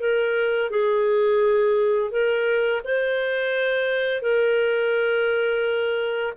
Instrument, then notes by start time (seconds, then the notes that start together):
clarinet
0.00 A#4
0.71 G#4
2.11 A#4
2.84 C5
4.22 A#4